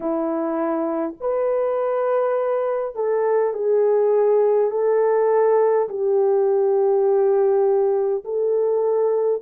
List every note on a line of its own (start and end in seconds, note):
0.00 1.14 E4
1.20 2.95 B4
2.95 3.53 A4
3.53 4.71 G#4
4.71 5.88 A4
5.88 8.24 G4
8.24 9.42 A4